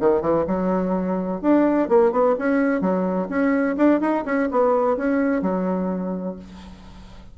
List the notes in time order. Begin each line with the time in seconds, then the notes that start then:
0.00 D#3
0.21 E3
0.47 F#3
1.42 D4
1.89 A#3
2.12 B3
2.39 C#4
2.81 F#3
3.29 C#4
3.77 D4
4.01 D#4
4.26 C#4
4.51 B3
4.97 C#4
5.42 F#3